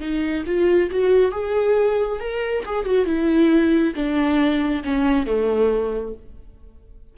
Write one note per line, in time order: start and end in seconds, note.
0.00 0.44 D#4
0.46 0.90 F4
0.91 1.32 F#4
1.32 2.20 G#4
2.20 2.64 A#4
2.66 2.85 G#4
2.85 3.06 F#4
3.06 3.94 E4
3.95 4.83 D4
4.84 5.26 C#4
5.26 6.15 A3